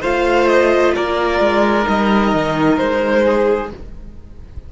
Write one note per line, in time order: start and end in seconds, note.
0.00 0.95 A3
0.00 1.81 F4
0.00 0.92 C5
0.00 0.47 F5
0.47 0.93 D#5
0.95 1.39 A#3
0.95 3.24 A#4
0.95 1.87 D5
1.39 1.86 G#3
1.81 3.66 D#4
1.88 2.33 G3
1.88 2.77 D#5
2.33 2.79 D#3
2.77 3.72 G#3
2.77 3.70 C5
3.24 3.70 G#4